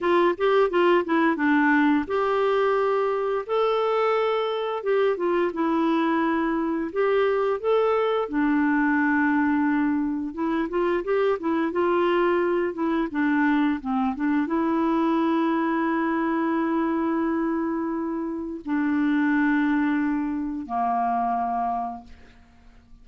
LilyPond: \new Staff \with { instrumentName = "clarinet" } { \time 4/4 \tempo 4 = 87 f'8 g'8 f'8 e'8 d'4 g'4~ | g'4 a'2 g'8 f'8 | e'2 g'4 a'4 | d'2. e'8 f'8 |
g'8 e'8 f'4. e'8 d'4 | c'8 d'8 e'2.~ | e'2. d'4~ | d'2 ais2 | }